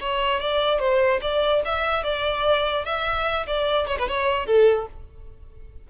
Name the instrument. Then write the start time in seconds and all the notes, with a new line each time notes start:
violin
0.00 C#5
0.40 D5
0.79 C5
1.21 D5
1.65 E5
2.03 D5
2.85 E5
3.46 D5
3.87 C#5
3.98 B4
4.08 C#5
4.46 A4